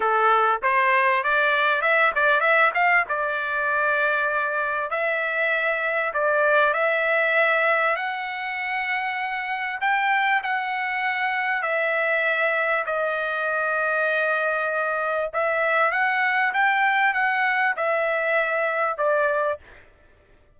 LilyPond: \new Staff \with { instrumentName = "trumpet" } { \time 4/4 \tempo 4 = 98 a'4 c''4 d''4 e''8 d''8 | e''8 f''8 d''2. | e''2 d''4 e''4~ | e''4 fis''2. |
g''4 fis''2 e''4~ | e''4 dis''2.~ | dis''4 e''4 fis''4 g''4 | fis''4 e''2 d''4 | }